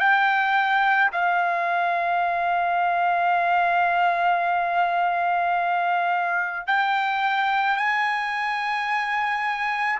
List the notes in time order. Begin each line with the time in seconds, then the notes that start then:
0.00 G5
1.12 F5
6.68 G5
7.77 G#5